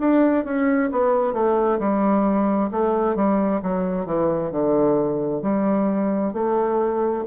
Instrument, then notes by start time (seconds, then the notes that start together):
bassoon
0.00 D4
0.45 C#4
0.92 B3
1.33 A3
1.80 G3
2.72 A3
3.16 G3
3.63 F#3
4.06 E3
4.51 D3
5.43 G3
6.33 A3